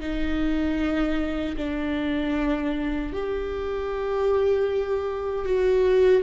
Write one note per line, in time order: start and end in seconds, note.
0.00 1.56 D#4
1.57 3.12 D4
3.13 5.45 G4
5.45 6.23 F#4